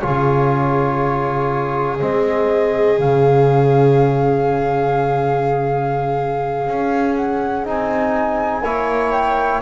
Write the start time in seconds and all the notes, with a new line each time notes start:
0.00 C#3 F4 G#4 C#5
2.00 G#3 C4 D#5
2.98 C#3 C#4 F5
6.67 C#4
7.16 F#5
7.65 C4 D#4 G#5
8.64 A#3 E4 C#5
9.12 G5